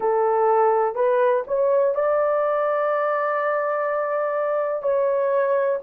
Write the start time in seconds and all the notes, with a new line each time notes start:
0.00 A4
0.95 B4
1.47 C#5
1.94 D5
4.82 C#5